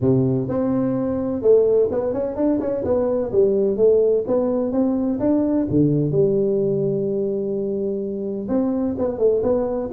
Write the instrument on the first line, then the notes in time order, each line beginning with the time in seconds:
tuba
0.01 C3
0.48 C4
1.42 A3
1.91 B3
2.13 C#4
2.36 D4
2.60 C#4
2.84 B3
3.32 G3
3.77 A3
4.27 B3
4.72 C4
5.19 D4
5.70 D3
6.11 G3
8.48 C4
8.98 B3
9.18 A3
9.42 B3